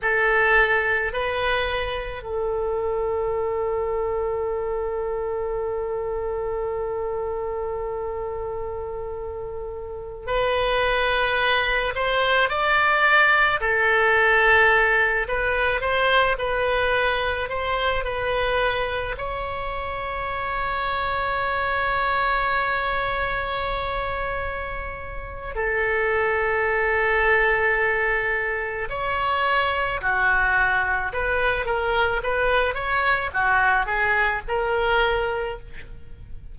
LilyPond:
\new Staff \with { instrumentName = "oboe" } { \time 4/4 \tempo 4 = 54 a'4 b'4 a'2~ | a'1~ | a'4~ a'16 b'4. c''8 d''8.~ | d''16 a'4. b'8 c''8 b'4 c''16~ |
c''16 b'4 cis''2~ cis''8.~ | cis''2. a'4~ | a'2 cis''4 fis'4 | b'8 ais'8 b'8 cis''8 fis'8 gis'8 ais'4 | }